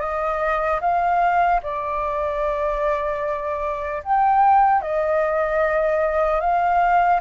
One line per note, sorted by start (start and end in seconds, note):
0.00 0.80 D#5
0.81 1.61 F5
1.63 4.03 D5
4.04 4.82 G5
4.82 6.41 D#5
6.41 7.21 F5